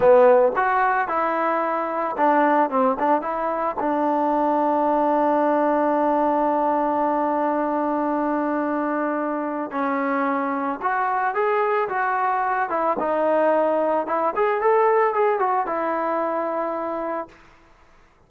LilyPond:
\new Staff \with { instrumentName = "trombone" } { \time 4/4 \tempo 4 = 111 b4 fis'4 e'2 | d'4 c'8 d'8 e'4 d'4~ | d'1~ | d'1~ |
d'2 cis'2 | fis'4 gis'4 fis'4. e'8 | dis'2 e'8 gis'8 a'4 | gis'8 fis'8 e'2. | }